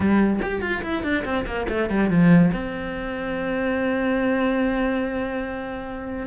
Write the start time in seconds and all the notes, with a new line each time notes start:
0.00 G3
0.41 G4
0.61 F4
0.82 E4
1.03 D4
1.25 C4
1.45 A#3
1.68 A3
1.89 G3
2.09 F3
2.53 C4